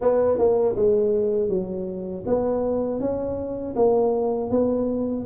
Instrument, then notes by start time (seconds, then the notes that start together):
tuba
0.01 B3
0.38 A#3
0.76 G#3
1.48 F#3
2.26 B3
3.00 C#4
3.75 A#3
4.50 B3